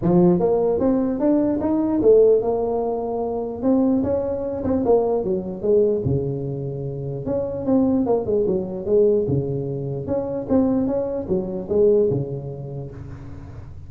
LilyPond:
\new Staff \with { instrumentName = "tuba" } { \time 4/4 \tempo 4 = 149 f4 ais4 c'4 d'4 | dis'4 a4 ais2~ | ais4 c'4 cis'4. c'8 | ais4 fis4 gis4 cis4~ |
cis2 cis'4 c'4 | ais8 gis8 fis4 gis4 cis4~ | cis4 cis'4 c'4 cis'4 | fis4 gis4 cis2 | }